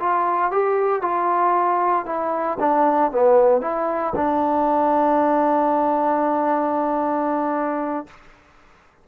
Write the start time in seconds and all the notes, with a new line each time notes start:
0.00 F4
0.51 G4
1.02 F4
2.06 E4
2.60 D4
3.12 B3
3.61 E4
4.16 D4